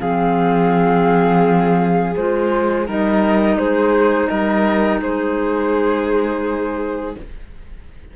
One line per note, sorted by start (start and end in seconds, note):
0.00 2.15 F3
0.00 2.15 C4
0.00 2.86 G#4
0.00 2.14 F5
2.16 2.88 G#3
2.16 2.87 F4
2.16 2.87 C5
2.86 3.56 G3
2.86 7.15 D#4
2.86 3.57 A#4
2.86 3.58 D#5
3.56 4.27 G#3
3.56 4.29 G#4
3.56 4.27 C5
4.27 5.01 G3
4.27 5.00 A#4
4.27 4.99 D#5
5.01 7.15 G#3
5.01 7.15 G#4
5.01 7.16 C5